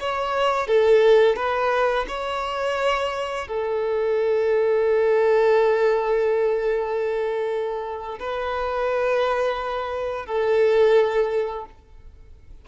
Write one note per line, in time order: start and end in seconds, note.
0.00 0.67 C#5
0.67 1.36 A4
1.36 2.05 B4
2.08 3.47 C#5
3.48 8.18 A4
8.19 10.26 B4
10.26 11.65 A4